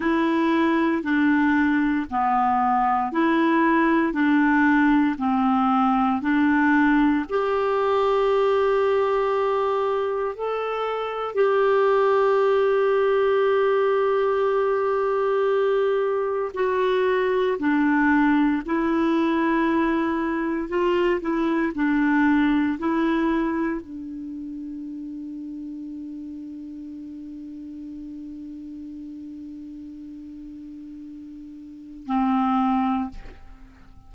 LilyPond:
\new Staff \with { instrumentName = "clarinet" } { \time 4/4 \tempo 4 = 58 e'4 d'4 b4 e'4 | d'4 c'4 d'4 g'4~ | g'2 a'4 g'4~ | g'1 |
fis'4 d'4 e'2 | f'8 e'8 d'4 e'4 d'4~ | d'1~ | d'2. c'4 | }